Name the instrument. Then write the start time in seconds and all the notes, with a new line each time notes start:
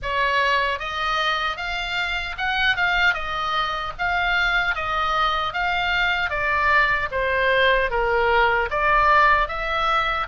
oboe
0.02 C#5
0.79 D#5
1.56 F5
2.37 F#5
2.76 F5
3.14 D#5
3.98 F5
4.75 D#5
5.53 F5
6.29 D5
7.11 C5
7.90 A#4
8.70 D5
9.48 E5